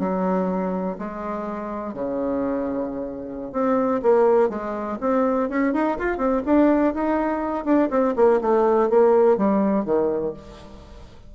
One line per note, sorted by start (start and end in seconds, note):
0.00 0.98 F#3
0.99 1.94 G#3
1.94 3.53 C#3
3.53 4.02 C4
4.03 4.50 A#3
4.50 4.98 G#3
5.01 5.49 C4
5.49 5.74 C#4
5.74 5.98 D#4
5.99 6.18 F4
6.18 6.42 C4
6.46 6.94 D4
6.94 7.65 D#4
7.65 7.90 D4
7.90 8.15 C4
8.16 8.41 A#3
8.41 8.90 A3
8.90 9.37 A#3
9.37 9.85 G3
9.85 10.34 D#3